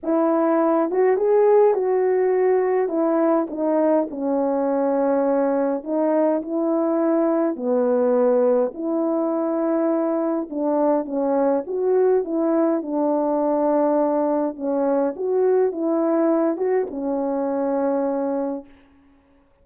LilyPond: \new Staff \with { instrumentName = "horn" } { \time 4/4 \tempo 4 = 103 e'4. fis'8 gis'4 fis'4~ | fis'4 e'4 dis'4 cis'4~ | cis'2 dis'4 e'4~ | e'4 b2 e'4~ |
e'2 d'4 cis'4 | fis'4 e'4 d'2~ | d'4 cis'4 fis'4 e'4~ | e'8 fis'8 cis'2. | }